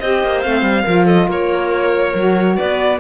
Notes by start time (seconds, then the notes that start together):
0.00 C4 G4 C5 D#5
0.24 A#3
0.42 A3 C4 F5
0.62 G3
0.85 F3 F4 A#4
1.06 A4 D#5
1.28 A#3 A#4 C#5
2.15 F#3 F#4
2.57 B3 B4 D5